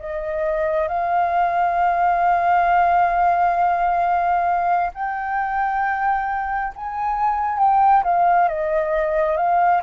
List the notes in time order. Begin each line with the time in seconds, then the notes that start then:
0.00 D#5
0.89 F5
4.95 G5
6.76 G#5
7.59 G5
8.04 F5
8.49 D#5
9.37 F5